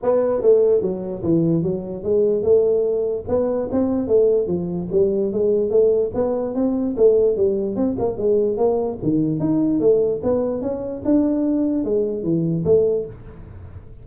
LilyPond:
\new Staff \with { instrumentName = "tuba" } { \time 4/4 \tempo 4 = 147 b4 a4 fis4 e4 | fis4 gis4 a2 | b4 c'4 a4 f4 | g4 gis4 a4 b4 |
c'4 a4 g4 c'8 ais8 | gis4 ais4 dis4 dis'4 | a4 b4 cis'4 d'4~ | d'4 gis4 e4 a4 | }